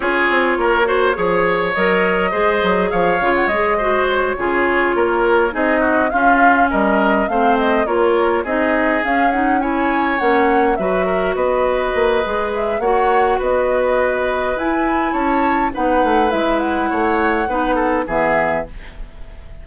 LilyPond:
<<
  \new Staff \with { instrumentName = "flute" } { \time 4/4 \tempo 4 = 103 cis''2. dis''4~ | dis''4 f''8. fis''16 dis''4 cis''4~ | cis''4. dis''4 f''4 dis''8~ | dis''8 f''8 dis''8 cis''4 dis''4 f''8 |
fis''8 gis''4 fis''4 e''4 dis''8~ | dis''4. e''8 fis''4 dis''4~ | dis''4 gis''4 a''4 fis''4 | e''8 fis''2~ fis''8 e''4 | }
  \new Staff \with { instrumentName = "oboe" } { \time 4/4 gis'4 ais'8 c''8 cis''2 | c''4 cis''4. c''4 gis'8~ | gis'8 ais'4 gis'8 fis'8 f'4 ais'8~ | ais'8 c''4 ais'4 gis'4.~ |
gis'8 cis''2 b'8 ais'8 b'8~ | b'2 cis''4 b'4~ | b'2 cis''4 b'4~ | b'4 cis''4 b'8 a'8 gis'4 | }
  \new Staff \with { instrumentName = "clarinet" } { \time 4/4 f'4. fis'8 gis'4 ais'4 | gis'4. f'8 gis'8 fis'4 f'8~ | f'4. dis'4 cis'4.~ | cis'8 c'4 f'4 dis'4 cis'8 |
dis'8 e'4 cis'4 fis'4.~ | fis'4 gis'4 fis'2~ | fis'4 e'2 dis'4 | e'2 dis'4 b4 | }
  \new Staff \with { instrumentName = "bassoon" } { \time 4/4 cis'8 c'8 ais4 f4 fis4 | gis8 fis8 f8 cis8 gis4. cis8~ | cis8 ais4 c'4 cis'4 g8~ | g8 a4 ais4 c'4 cis'8~ |
cis'4. ais4 fis4 b8~ | b8 ais8 gis4 ais4 b4~ | b4 e'4 cis'4 b8 a8 | gis4 a4 b4 e4 | }
>>